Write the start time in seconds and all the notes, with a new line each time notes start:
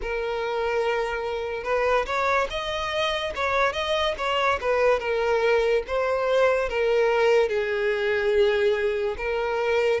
0.01 A#4
1.63 B4
2.06 C#5
2.50 D#5
3.35 C#5
3.73 D#5
4.17 C#5
4.61 B4
4.99 A#4
5.87 C5
6.69 A#4
7.48 G#4
9.17 A#4